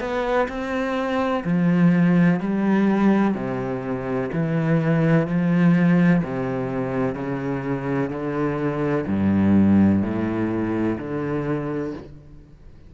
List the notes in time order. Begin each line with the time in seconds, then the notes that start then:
0.00 B3
0.48 C4
1.44 F3
2.40 G3
3.34 C3
4.32 E3
5.27 F3
6.23 C3
7.15 C#3
8.10 D3
9.06 G2
10.02 A2
10.98 D3